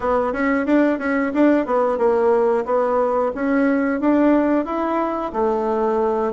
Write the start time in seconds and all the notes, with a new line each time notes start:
0.00 B3
0.32 C#4
0.65 D4
0.98 C#4
1.33 D4
1.65 B3
1.98 A#3
2.65 B3
3.35 C#4
4.00 D4
4.65 E4
5.32 A3